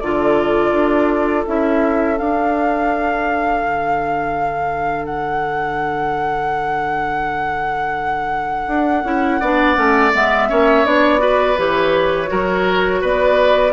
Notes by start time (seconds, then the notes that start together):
0.00 D3 F4 A4 D5
0.73 D4
1.46 C#4 E4 E5
2.18 D4 F5
3.62 D3
5.06 F#5
8.67 D4
9.04 C#4 E4
9.40 B3 D4 D5
9.76 A3 C#4
10.14 G#3 B3 E5
10.49 A#3 C#4 C#5
10.86 B3 D4 D5
11.19 F#4 B4
11.58 E3 G4 C#5
12.27 F#3 F#4 A#4
13.01 B3 B4 D5